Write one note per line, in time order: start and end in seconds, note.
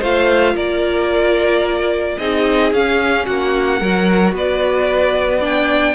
0.00 0.55 A3
0.00 2.20 F4
0.00 0.54 C5
0.00 0.57 F5
0.55 2.17 A#3
0.55 2.18 A#4
0.55 2.19 D5
2.19 2.73 C4
2.19 2.74 D#4
2.19 3.27 G#4
2.19 2.73 D#5
2.73 3.27 C#4
2.73 3.82 C#4
2.73 3.26 F5
3.26 3.81 A#3
3.26 3.81 F#4
3.26 4.34 F#5
3.81 4.33 F#3
3.81 5.41 F#4
3.81 4.35 A#4
4.33 5.95 B3
4.33 5.40 B4
4.33 5.45 D5
5.40 5.95 D4
5.40 5.94 D5
5.40 5.95 G5